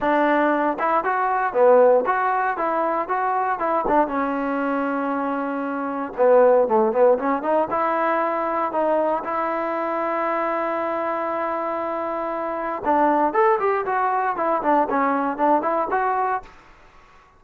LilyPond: \new Staff \with { instrumentName = "trombone" } { \time 4/4 \tempo 4 = 117 d'4. e'8 fis'4 b4 | fis'4 e'4 fis'4 e'8 d'8 | cis'1 | b4 a8 b8 cis'8 dis'8 e'4~ |
e'4 dis'4 e'2~ | e'1~ | e'4 d'4 a'8 g'8 fis'4 | e'8 d'8 cis'4 d'8 e'8 fis'4 | }